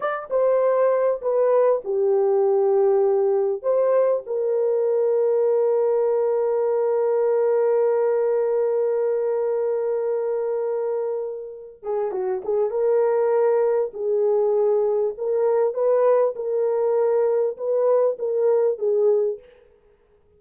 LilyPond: \new Staff \with { instrumentName = "horn" } { \time 4/4 \tempo 4 = 99 d''8 c''4. b'4 g'4~ | g'2 c''4 ais'4~ | ais'1~ | ais'1~ |
ais'2.~ ais'8 gis'8 | fis'8 gis'8 ais'2 gis'4~ | gis'4 ais'4 b'4 ais'4~ | ais'4 b'4 ais'4 gis'4 | }